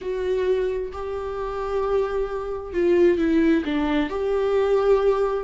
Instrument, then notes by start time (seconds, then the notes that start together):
viola
0.01 F#4
0.92 G4
2.73 F4
3.18 E4
3.64 D4
4.09 G4